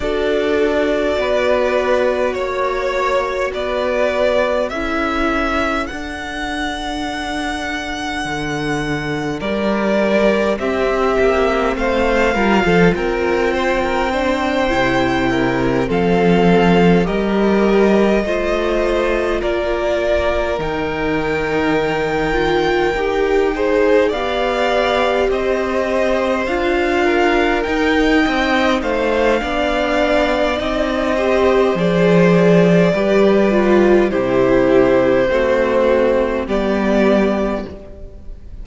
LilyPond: <<
  \new Staff \with { instrumentName = "violin" } { \time 4/4 \tempo 4 = 51 d''2 cis''4 d''4 | e''4 fis''2. | d''4 e''4 f''4 g''4~ | g''4. f''4 dis''4.~ |
dis''8 d''4 g''2~ g''8~ | g''8 f''4 dis''4 f''4 g''8~ | g''8 f''4. dis''4 d''4~ | d''4 c''2 d''4 | }
  \new Staff \with { instrumentName = "violin" } { \time 4/4 a'4 b'4 cis''4 b'4 | a'1 | ais'4 g'4 c''8 ais'16 a'16 ais'8 c''16 ais'16 | c''4 ais'8 a'4 ais'4 c''8~ |
c''8 ais'2.~ ais'8 | c''8 d''4 c''4. ais'4 | dis''8 c''8 d''4. c''4. | b'4 g'4 fis'4 g'4 | }
  \new Staff \with { instrumentName = "viola" } { \time 4/4 fis'1 | e'4 d'2.~ | d'4 c'4. f'4. | d'8 e'4 c'4 g'4 f'8~ |
f'4. dis'4. f'8 g'8 | gis'8 g'2 f'4 dis'8~ | dis'4 d'4 dis'8 g'8 gis'4 | g'8 f'8 e'4 a4 b4 | }
  \new Staff \with { instrumentName = "cello" } { \time 4/4 d'4 b4 ais4 b4 | cis'4 d'2 d4 | g4 c'8 ais8 a8 g16 f16 c'4~ | c'8 c4 f4 g4 a8~ |
a8 ais4 dis2 dis'8~ | dis'8 b4 c'4 d'4 dis'8 | c'8 a8 b4 c'4 f4 | g4 c4 c'4 g4 | }
>>